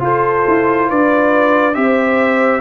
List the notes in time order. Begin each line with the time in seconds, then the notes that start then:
0.00 F4 A4 C5
0.48 E4
0.88 D4 B4 D5
1.74 C4 G4 C5 E5